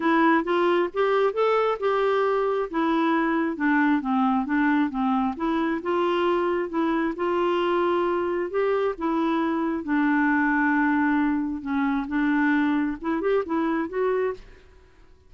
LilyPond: \new Staff \with { instrumentName = "clarinet" } { \time 4/4 \tempo 4 = 134 e'4 f'4 g'4 a'4 | g'2 e'2 | d'4 c'4 d'4 c'4 | e'4 f'2 e'4 |
f'2. g'4 | e'2 d'2~ | d'2 cis'4 d'4~ | d'4 e'8 g'8 e'4 fis'4 | }